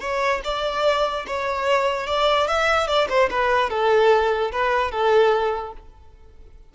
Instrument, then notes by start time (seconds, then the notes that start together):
violin
0.00 C#5
0.44 D5
1.26 C#5
2.06 D5
2.47 E5
2.87 D5
3.09 C5
3.30 B4
3.69 A4
4.51 B4
4.91 A4